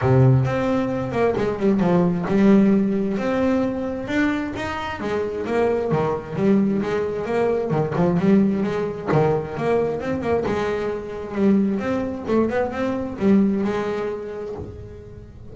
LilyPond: \new Staff \with { instrumentName = "double bass" } { \time 4/4 \tempo 4 = 132 c4 c'4. ais8 gis8 g8 | f4 g2 c'4~ | c'4 d'4 dis'4 gis4 | ais4 dis4 g4 gis4 |
ais4 dis8 f8 g4 gis4 | dis4 ais4 c'8 ais8 gis4~ | gis4 g4 c'4 a8 b8 | c'4 g4 gis2 | }